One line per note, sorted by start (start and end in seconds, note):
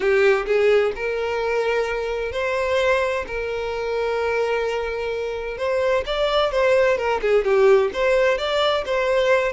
0.00 0.45 G4
0.45 0.92 G#4
0.95 2.32 A#4
2.32 3.25 C5
3.27 5.57 A#4
5.57 6.04 C5
6.06 6.51 D5
6.51 6.97 C5
6.97 7.21 A#4
7.21 7.44 G#4
7.44 7.90 G4
7.93 8.38 C5
8.38 8.84 D5
8.85 9.52 C5